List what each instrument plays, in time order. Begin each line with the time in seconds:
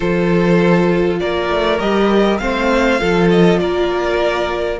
0.00 cello F3, viola F4, violin A4 C5
1.19 cello A#3, violin A#4 D5
1.49 cello A3
1.79 cello G3, viola G4, violin D#5
2.38 cello A3, viola C4, violin C5 F5
2.99 cello F3, viola F4, violin A4
3.30 violin D#5
3.58 cello A#3, violin A#4 D5